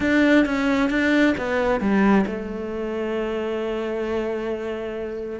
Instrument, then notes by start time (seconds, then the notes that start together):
cello
0.00 D4
0.45 C#4
0.89 D4
1.37 B3
1.80 G3
2.26 A3